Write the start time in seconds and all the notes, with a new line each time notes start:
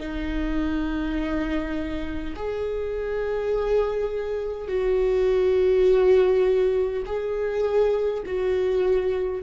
0.00 D#4
2.36 G#4
4.68 F#4
7.06 G#4
8.26 F#4